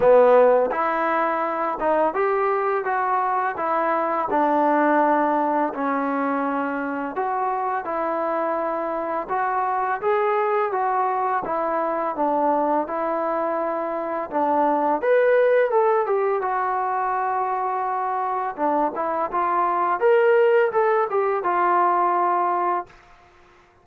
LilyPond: \new Staff \with { instrumentName = "trombone" } { \time 4/4 \tempo 4 = 84 b4 e'4. dis'8 g'4 | fis'4 e'4 d'2 | cis'2 fis'4 e'4~ | e'4 fis'4 gis'4 fis'4 |
e'4 d'4 e'2 | d'4 b'4 a'8 g'8 fis'4~ | fis'2 d'8 e'8 f'4 | ais'4 a'8 g'8 f'2 | }